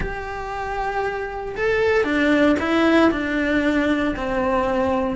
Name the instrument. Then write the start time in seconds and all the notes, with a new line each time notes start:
cello
0.00 G4
1.56 A4
2.04 D4
2.59 E4
3.11 D4
4.15 C4